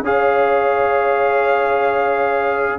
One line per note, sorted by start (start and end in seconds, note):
0.00 2.76 C#4
0.00 2.79 G#4
0.00 2.79 C#5
0.00 2.79 F5